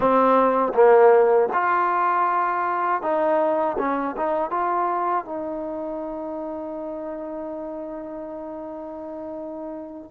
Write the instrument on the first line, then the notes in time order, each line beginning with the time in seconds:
trombone
0.00 C4
0.74 A#3
1.53 F4
3.01 D#4
3.78 C#4
4.16 D#4
4.50 F4
5.25 D#4